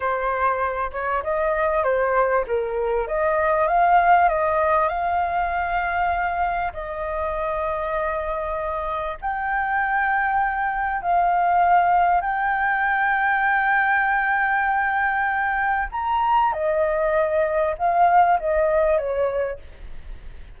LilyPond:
\new Staff \with { instrumentName = "flute" } { \time 4/4 \tempo 4 = 98 c''4. cis''8 dis''4 c''4 | ais'4 dis''4 f''4 dis''4 | f''2. dis''4~ | dis''2. g''4~ |
g''2 f''2 | g''1~ | g''2 ais''4 dis''4~ | dis''4 f''4 dis''4 cis''4 | }